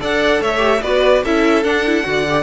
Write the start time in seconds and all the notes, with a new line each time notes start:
0.00 D4 A4 D5 F#5
0.41 A3 C#5 E5
0.58 G4
0.82 B3 F#4 B4 D5
1.24 C#4 E4 A4 E5
1.64 D4 F#5
1.86 E4
2.04 D3 F#4 D5
2.29 G4